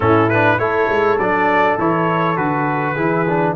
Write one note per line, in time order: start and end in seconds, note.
0.00 0.58 A2
0.00 0.30 C#4
0.00 0.61 E4
0.00 0.29 A4
0.29 0.58 D4
0.29 0.59 B4
0.58 0.88 A3
0.58 1.18 E4
0.58 2.94 A4
0.58 1.18 C#5
0.89 1.17 G#3
1.17 1.77 F#3
1.17 1.78 D4
1.17 1.78 D5
1.78 2.37 E3
1.78 2.36 E4
1.78 2.36 C#5
2.36 2.96 D3
2.36 2.96 F#4
2.36 3.55 B4
2.94 3.55 E3
2.94 3.26 E4
2.94 3.53 G#4
3.28 3.55 D4